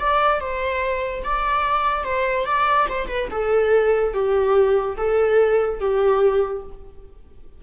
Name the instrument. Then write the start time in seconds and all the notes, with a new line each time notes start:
viola
0.00 D5
0.41 C5
1.24 D5
2.04 C5
2.46 D5
2.89 C5
3.08 B4
3.31 A4
4.14 G4
4.97 A4
5.80 G4